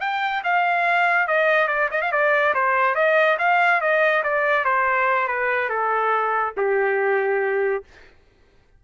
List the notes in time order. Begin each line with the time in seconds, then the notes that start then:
0.00 G5
0.43 F5
1.27 D#5
1.67 D5
1.91 D#5
2.01 F5
2.11 D5
2.54 C5
2.95 D#5
3.38 F5
3.80 D#5
4.23 D5
4.64 C5
5.27 B4
5.69 A4
6.57 G4